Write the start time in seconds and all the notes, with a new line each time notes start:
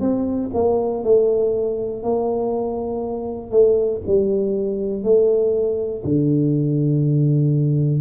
0.00 C4
0.54 A#3
1.03 A3
2.03 A#3
3.51 A3
4.06 G3
5.03 A3
6.04 D3